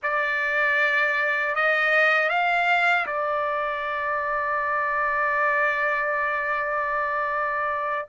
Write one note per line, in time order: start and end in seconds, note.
0.02 1.55 D5
1.55 2.29 D#5
2.29 3.06 F5
3.06 8.06 D5